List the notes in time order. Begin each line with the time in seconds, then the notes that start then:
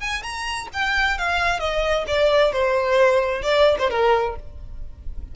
0.00 G#5
0.22 A#5
0.73 G5
1.18 F5
1.59 D#5
2.07 D5
2.52 C5
3.42 D5
3.79 C5
3.90 A#4